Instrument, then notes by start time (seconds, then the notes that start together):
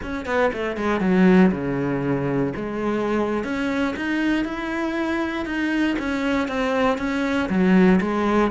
cello
0.02 C#4
0.25 B3
0.52 A3
0.76 G#3
1.00 F#3
1.51 C#3
2.55 G#3
3.43 C#4
3.96 D#4
4.44 E4
5.45 D#4
5.98 C#4
6.48 C4
6.98 C#4
7.49 F#3
8.00 G#3